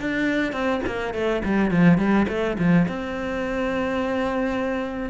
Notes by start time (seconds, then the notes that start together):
0.00 D4
0.52 C4
0.86 A#3
1.14 A3
1.45 G3
1.71 F3
1.98 G3
2.29 A3
2.59 F3
2.88 C4